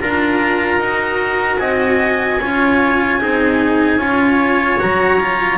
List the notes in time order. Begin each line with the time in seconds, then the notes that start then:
0.00 D4 F4 A#4 A#5
0.78 D#4 F#4
1.58 C4 D#5 G#5
2.40 C#4 F4 C#5
3.20 C4 D#4 G#4
3.97 C#4 F4 C#5
4.79 F#3 F#4 A#5
5.20 F4